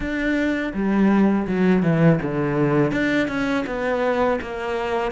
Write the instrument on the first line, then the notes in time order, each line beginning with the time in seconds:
cello
0.00 D4
0.73 G3
1.47 F#3
1.82 E3
2.22 D3
2.91 D4
3.28 C#4
3.66 B3
4.41 A#3